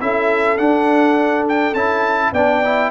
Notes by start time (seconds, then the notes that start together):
0.00 C#4 E4 A4 E5
0.58 D4 F#5
1.49 G5
1.74 C#4 E4 A5
2.32 B3 D4 D5 G5
2.64 E4